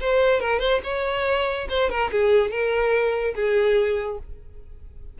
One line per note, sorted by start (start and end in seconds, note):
0.00 0.40 C5
0.40 0.59 A#4
0.59 0.80 C5
0.83 1.67 C#5
1.69 1.89 C5
1.89 2.10 A#4
2.11 2.50 G#4
2.50 3.34 A#4
3.34 4.18 G#4